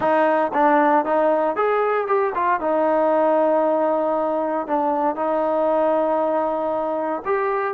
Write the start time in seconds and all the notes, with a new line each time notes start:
0.00 D#4
0.53 D4
1.05 D#4
1.56 G#4
2.07 G4
2.35 F4
2.60 D#4
4.67 D4
5.15 D#4
7.25 G4